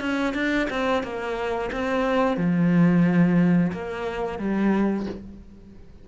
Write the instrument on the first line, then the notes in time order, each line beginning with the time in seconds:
cello
0.00 C#4
0.34 D4
0.70 C4
1.03 A#3
1.72 C4
2.36 F3
3.72 A#3
4.38 G3